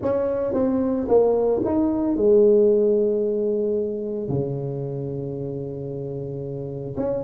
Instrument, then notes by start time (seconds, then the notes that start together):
tuba
0.01 C#4
0.53 C4
1.08 A#3
1.65 D#4
2.16 G#3
4.28 C#3
6.96 C#4